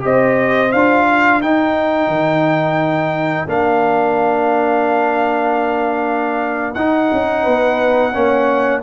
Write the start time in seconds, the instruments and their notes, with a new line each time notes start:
0.00 tuba C4, trombone G4, horn C5, trumpet D#5
0.72 tuba D4, trombone F4, trumpet F5
1.08 horn A#4
1.41 tuba D#4, trombone D#4, trumpet G5
2.08 tuba D#3
3.47 tuba A#3, trombone D4, trumpet F5
6.74 tuba D#4, trombone D#4, trumpet F#5
7.12 tuba C#4
7.43 tuba B3, horn B4
8.13 tuba A#3, trombone C#4, horn C#5